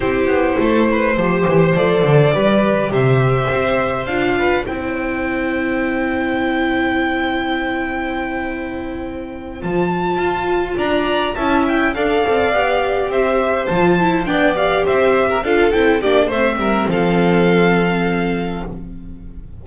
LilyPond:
<<
  \new Staff \with { instrumentName = "violin" } { \time 4/4 \tempo 4 = 103 c''2. d''4~ | d''4 e''2 f''4 | g''1~ | g''1~ |
g''8 a''2 ais''4 a''8 | g''8 f''2 e''4 a''8~ | a''8 g''8 f''8 e''4 f''8 g''8 d''8 | e''4 f''2. | }
  \new Staff \with { instrumentName = "violin" } { \time 4/4 g'4 a'8 b'8 c''2 | b'4 c''2~ c''8 b'8 | c''1~ | c''1~ |
c''2~ c''8 d''4 e''8~ | e''8 d''2 c''4.~ | c''8 d''4 c''8. ais'16 a'4 g'8 | c''8 ais'8 a'2. | }
  \new Staff \with { instrumentName = "viola" } { \time 4/4 e'2 g'4 a'4 | g'2. f'4 | e'1~ | e'1~ |
e'8 f'2. e'8~ | e'8 a'4 g'2 f'8 | e'8 d'8 g'4. f'8 e'8 d'8 | c'1 | }
  \new Staff \with { instrumentName = "double bass" } { \time 4/4 c'8 b8 a4 f8 e8 f8 d8 | g4 c4 c'4 d'4 | c'1~ | c'1~ |
c'8 f4 f'4 d'4 cis'8~ | cis'8 d'8 c'8 b4 c'4 f8~ | f8 b4 c'4 d'8 c'8 ais8 | a8 g8 f2. | }
>>